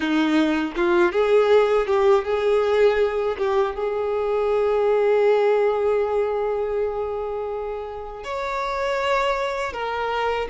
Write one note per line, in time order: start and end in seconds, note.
0.00 0.72 D#4
0.76 1.11 F4
1.11 1.86 G#4
1.86 2.24 G4
2.24 3.36 G#4
3.38 3.75 G4
3.75 8.24 G#4
8.24 9.73 C#5
9.73 10.48 A#4